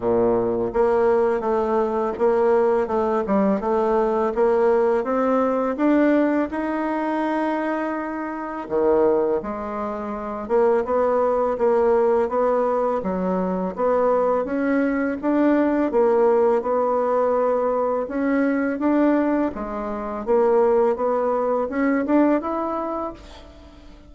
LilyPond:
\new Staff \with { instrumentName = "bassoon" } { \time 4/4 \tempo 4 = 83 ais,4 ais4 a4 ais4 | a8 g8 a4 ais4 c'4 | d'4 dis'2. | dis4 gis4. ais8 b4 |
ais4 b4 fis4 b4 | cis'4 d'4 ais4 b4~ | b4 cis'4 d'4 gis4 | ais4 b4 cis'8 d'8 e'4 | }